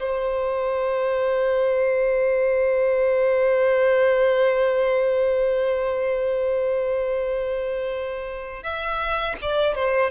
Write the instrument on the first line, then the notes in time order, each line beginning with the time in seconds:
violin
0.00 C5
8.64 E5
9.42 D5
9.75 C5